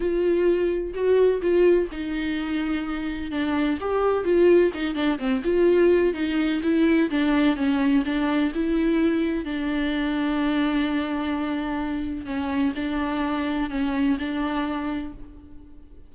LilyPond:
\new Staff \with { instrumentName = "viola" } { \time 4/4 \tempo 4 = 127 f'2 fis'4 f'4 | dis'2. d'4 | g'4 f'4 dis'8 d'8 c'8 f'8~ | f'4 dis'4 e'4 d'4 |
cis'4 d'4 e'2 | d'1~ | d'2 cis'4 d'4~ | d'4 cis'4 d'2 | }